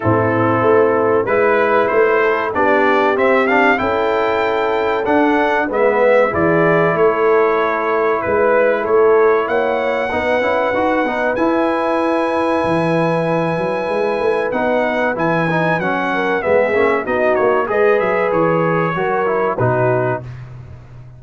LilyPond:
<<
  \new Staff \with { instrumentName = "trumpet" } { \time 4/4 \tempo 4 = 95 a'2 b'4 c''4 | d''4 e''8 f''8 g''2 | fis''4 e''4 d''4 cis''4~ | cis''4 b'4 cis''4 fis''4~ |
fis''2 gis''2~ | gis''2. fis''4 | gis''4 fis''4 e''4 dis''8 cis''8 | dis''8 e''8 cis''2 b'4 | }
  \new Staff \with { instrumentName = "horn" } { \time 4/4 e'2 b'4. a'8 | g'2 a'2~ | a'4 b'4 gis'4 a'4~ | a'4 b'4 a'4 cis''4 |
b'1~ | b'1~ | b'4. ais'8 gis'4 fis'4 | b'2 ais'4 fis'4 | }
  \new Staff \with { instrumentName = "trombone" } { \time 4/4 c'2 e'2 | d'4 c'8 d'8 e'2 | d'4 b4 e'2~ | e'1 |
dis'8 e'8 fis'8 dis'8 e'2~ | e'2. dis'4 | e'8 dis'8 cis'4 b8 cis'8 dis'4 | gis'2 fis'8 e'8 dis'4 | }
  \new Staff \with { instrumentName = "tuba" } { \time 4/4 a,4 a4 gis4 a4 | b4 c'4 cis'2 | d'4 gis4 e4 a4~ | a4 gis4 a4 ais4 |
b8 cis'8 dis'8 b8 e'2 | e4. fis8 gis8 a8 b4 | e4 fis4 gis8 ais8 b8 ais8 | gis8 fis8 e4 fis4 b,4 | }
>>